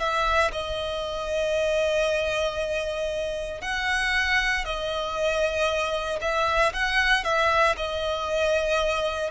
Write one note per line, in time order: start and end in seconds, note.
0.00 0.52 E5
0.53 3.62 D#5
3.62 4.65 F#5
4.65 6.20 D#5
6.22 6.73 E5
6.73 7.25 F#5
7.25 7.76 E5
7.77 9.31 D#5